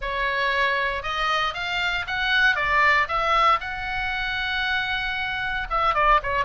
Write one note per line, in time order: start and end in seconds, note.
0.01 1.03 C#5
1.03 1.54 D#5
1.54 2.05 F5
2.07 2.55 F#5
2.55 3.07 D5
3.08 3.59 E5
3.60 5.67 F#5
5.70 5.94 E5
5.94 6.20 D5
6.23 6.44 C#5